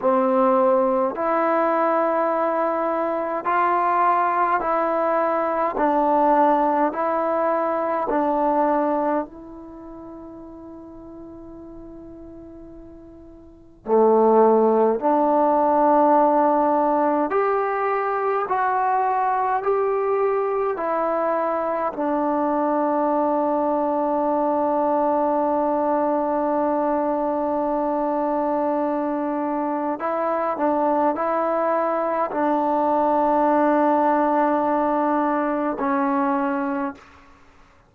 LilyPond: \new Staff \with { instrumentName = "trombone" } { \time 4/4 \tempo 4 = 52 c'4 e'2 f'4 | e'4 d'4 e'4 d'4 | e'1 | a4 d'2 g'4 |
fis'4 g'4 e'4 d'4~ | d'1~ | d'2 e'8 d'8 e'4 | d'2. cis'4 | }